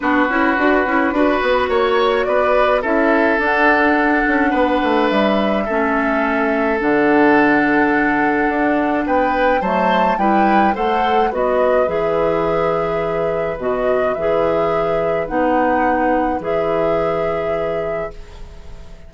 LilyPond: <<
  \new Staff \with { instrumentName = "flute" } { \time 4/4 \tempo 4 = 106 b'2. cis''4 | d''4 e''4 fis''2~ | fis''4 e''2. | fis''1 |
g''4 a''4 g''4 fis''4 | dis''4 e''2. | dis''4 e''2 fis''4~ | fis''4 e''2. | }
  \new Staff \with { instrumentName = "oboe" } { \time 4/4 fis'2 b'4 cis''4 | b'4 a'2. | b'2 a'2~ | a'1 |
b'4 c''4 b'4 c''4 | b'1~ | b'1~ | b'1 | }
  \new Staff \with { instrumentName = "clarinet" } { \time 4/4 d'8 e'8 fis'8 e'8 fis'2~ | fis'4 e'4 d'2~ | d'2 cis'2 | d'1~ |
d'4 a4 e'4 a'4 | fis'4 gis'2. | fis'4 gis'2 dis'4~ | dis'4 gis'2. | }
  \new Staff \with { instrumentName = "bassoon" } { \time 4/4 b8 cis'8 d'8 cis'8 d'8 b8 ais4 | b4 cis'4 d'4. cis'8 | b8 a8 g4 a2 | d2. d'4 |
b4 fis4 g4 a4 | b4 e2. | b,4 e2 b4~ | b4 e2. | }
>>